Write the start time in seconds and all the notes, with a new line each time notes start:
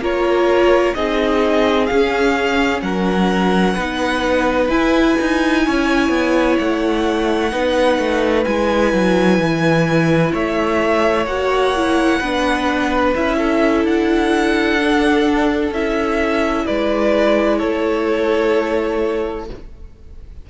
0.00 A#3 F4 A#4 C#5
0.95 C4 D#4 G#4 D#5
1.87 C#4 F5
1.93 C#4
2.82 F#3 A#4 F#5
3.75 B3 D#4 B4
4.69 E4 G#5
5.21 D#4
5.66 C#4 C#5
6.09 B3
6.59 A3 F#5
7.51 B3 D#4 B4
7.99 A3
8.45 G#3 E4 G#5
8.94 F#3
9.39 E3
10.33 A3 C#5 E5
11.27 A#3 F#4 F#5
11.76 E4
12.20 B3 D4 B4
13.16 C#4 E4 E5
13.38 A4
13.85 D4 F#5
14.80 D4
15.71 C#4 E4 E5
16.66 G#3 B4 D5
17.58 A3 A4 C#5